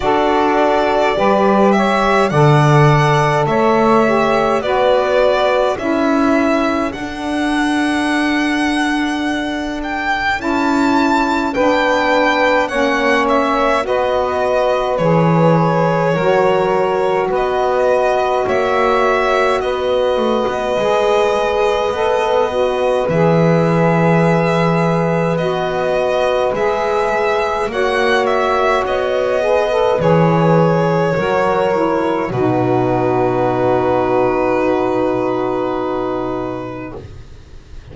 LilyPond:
<<
  \new Staff \with { instrumentName = "violin" } { \time 4/4 \tempo 4 = 52 d''4. e''8 fis''4 e''4 | d''4 e''4 fis''2~ | fis''8 g''8 a''4 g''4 fis''8 e''8 | dis''4 cis''2 dis''4 |
e''4 dis''2. | e''2 dis''4 e''4 | fis''8 e''8 dis''4 cis''2 | b'1 | }
  \new Staff \with { instrumentName = "saxophone" } { \time 4/4 a'4 b'8 cis''8 d''4 cis''4 | b'4 a'2.~ | a'2 b'4 cis''4 | b'2 ais'4 b'4 |
cis''4 b'2.~ | b'1 | cis''4. b'4. ais'4 | fis'1 | }
  \new Staff \with { instrumentName = "saxophone" } { \time 4/4 fis'4 g'4 a'4. g'8 | fis'4 e'4 d'2~ | d'4 e'4 d'4 cis'4 | fis'4 gis'4 fis'2~ |
fis'2 gis'4 a'8 fis'8 | gis'2 fis'4 gis'4 | fis'4. gis'16 a'16 gis'4 fis'8 e'8 | dis'1 | }
  \new Staff \with { instrumentName = "double bass" } { \time 4/4 d'4 g4 d4 a4 | b4 cis'4 d'2~ | d'4 cis'4 b4 ais4 | b4 e4 fis4 b4 |
ais4 b8 a16 b16 gis4 b4 | e2 b4 gis4 | ais4 b4 e4 fis4 | b,1 | }
>>